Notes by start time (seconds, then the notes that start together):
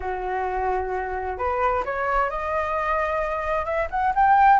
0.00 F#4
1.37 B4
1.85 C#5
2.30 D#5
3.65 E5
3.90 F#5
4.15 G5